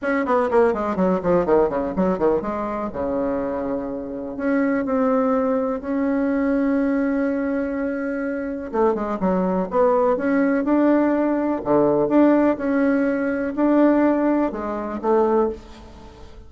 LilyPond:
\new Staff \with { instrumentName = "bassoon" } { \time 4/4 \tempo 4 = 124 cis'8 b8 ais8 gis8 fis8 f8 dis8 cis8 | fis8 dis8 gis4 cis2~ | cis4 cis'4 c'2 | cis'1~ |
cis'2 a8 gis8 fis4 | b4 cis'4 d'2 | d4 d'4 cis'2 | d'2 gis4 a4 | }